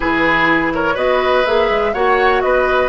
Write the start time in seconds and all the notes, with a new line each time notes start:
0.00 E3 E4 G#4 B4
0.73 A#4 C#5
0.94 B3 F#4 B4 D#5
1.45 A#3 G#4 E5
1.70 G#3
1.93 A#3 F#4 C#5 F#5
2.41 B3 B4 D#5